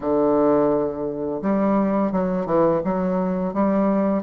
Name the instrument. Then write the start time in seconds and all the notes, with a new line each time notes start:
bassoon
0.00 D3
1.41 G3
2.12 F#3
2.45 E3
2.84 F#3
3.53 G3